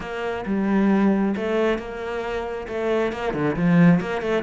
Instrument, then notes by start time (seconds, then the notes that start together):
cello
0.00 A#3
0.46 G3
1.36 A3
1.78 A#3
2.68 A3
3.12 A#3
3.33 D3
3.56 F3
4.00 A#3
4.21 A3